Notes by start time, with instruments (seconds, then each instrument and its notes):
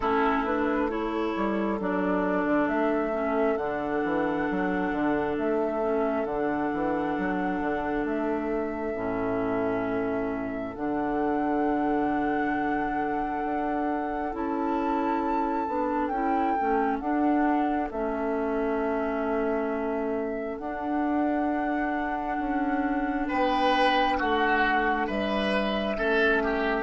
0.00 bassoon A3, clarinet C#4, oboe E4, flute A4
0.45 clarinet D4, flute B4
0.89 clarinet E4, oboe A4, flute C#5
1.36 bassoon G3
1.79 bassoon F#3, clarinet D4, flute D5
2.45 bassoon D3
2.68 bassoon A3, flute E5
3.12 clarinet C#4
3.56 bassoon D3, clarinet D4, flute F#5
4.04 bassoon E3
4.50 bassoon F#3
4.91 bassoon D3
5.37 bassoon A3, flute E5
5.81 clarinet C#4
6.24 bassoon D3, clarinet D4, flute F#5
6.73 bassoon E3
7.17 bassoon F#3
7.60 bassoon D3
8.04 bassoon A3, flute E5
8.95 bassoon A2, clarinet C#4
10.75 bassoon D3, clarinet D4, flute F#5
13.44 bassoon D4
14.32 bassoon C#4, clarinet E4, flute A5
15.67 bassoon B3, clarinet D4
16.07 bassoon C#4, clarinet E4, flute G5
16.58 bassoon A3, clarinet C#4
16.99 bassoon D4, clarinet D4, flute F#5
17.91 bassoon A3, clarinet C#4, flute E5
20.57 bassoon D4, clarinet D4, flute F#5
22.38 bassoon C#4
23.27 bassoon B3, oboe B4, flute G5
24.17 bassoon A3, oboe F#4, flute F#5
25.06 bassoon G3, oboe B4, flute E5
25.96 bassoon A3, clarinet C#4, oboe A4
26.43 oboe G4